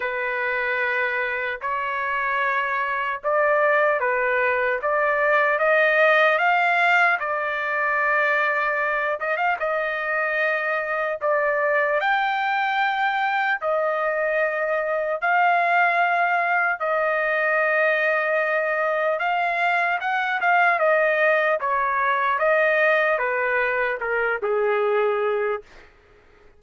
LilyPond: \new Staff \with { instrumentName = "trumpet" } { \time 4/4 \tempo 4 = 75 b'2 cis''2 | d''4 b'4 d''4 dis''4 | f''4 d''2~ d''8 dis''16 f''16 | dis''2 d''4 g''4~ |
g''4 dis''2 f''4~ | f''4 dis''2. | f''4 fis''8 f''8 dis''4 cis''4 | dis''4 b'4 ais'8 gis'4. | }